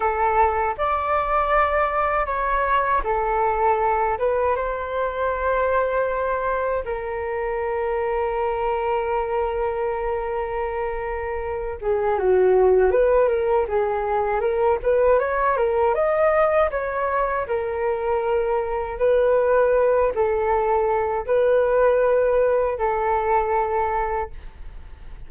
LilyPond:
\new Staff \with { instrumentName = "flute" } { \time 4/4 \tempo 4 = 79 a'4 d''2 cis''4 | a'4. b'8 c''2~ | c''4 ais'2.~ | ais'2.~ ais'8 gis'8 |
fis'4 b'8 ais'8 gis'4 ais'8 b'8 | cis''8 ais'8 dis''4 cis''4 ais'4~ | ais'4 b'4. a'4. | b'2 a'2 | }